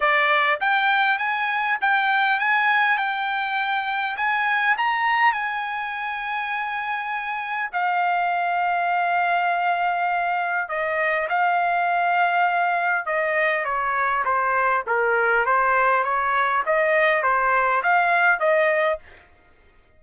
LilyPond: \new Staff \with { instrumentName = "trumpet" } { \time 4/4 \tempo 4 = 101 d''4 g''4 gis''4 g''4 | gis''4 g''2 gis''4 | ais''4 gis''2.~ | gis''4 f''2.~ |
f''2 dis''4 f''4~ | f''2 dis''4 cis''4 | c''4 ais'4 c''4 cis''4 | dis''4 c''4 f''4 dis''4 | }